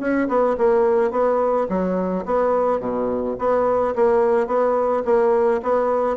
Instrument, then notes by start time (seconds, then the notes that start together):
bassoon
0.00 C#4
0.28 B3
0.58 A#3
1.11 B3
1.69 F#3
2.26 B3
2.80 B2
3.38 B3
3.96 A#3
4.47 B3
5.05 A#3
5.63 B3